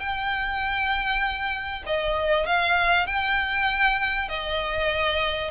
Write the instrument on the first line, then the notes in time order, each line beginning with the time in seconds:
violin
0.00 G5
1.86 D#5
2.46 F5
3.07 G5
4.29 D#5